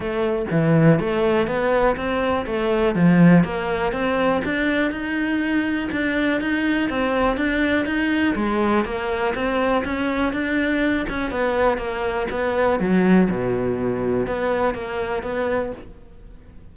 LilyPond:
\new Staff \with { instrumentName = "cello" } { \time 4/4 \tempo 4 = 122 a4 e4 a4 b4 | c'4 a4 f4 ais4 | c'4 d'4 dis'2 | d'4 dis'4 c'4 d'4 |
dis'4 gis4 ais4 c'4 | cis'4 d'4. cis'8 b4 | ais4 b4 fis4 b,4~ | b,4 b4 ais4 b4 | }